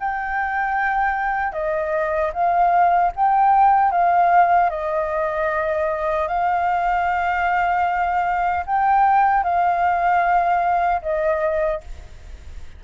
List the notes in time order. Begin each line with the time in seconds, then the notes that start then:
0.00 G5
1.53 D#5
2.33 F5
3.16 G5
3.92 F5
4.70 D#5
6.28 F5
8.66 G5
9.44 F5
11.02 D#5